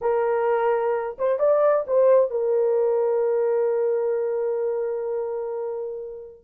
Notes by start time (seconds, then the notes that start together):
0.01 A#4
1.18 C5
1.39 D5
1.87 C5
2.30 A#4